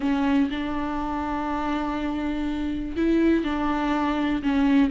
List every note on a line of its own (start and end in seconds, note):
0.00 0.49 C#4
0.50 2.96 D4
2.96 3.44 E4
3.44 4.42 D4
4.42 4.90 C#4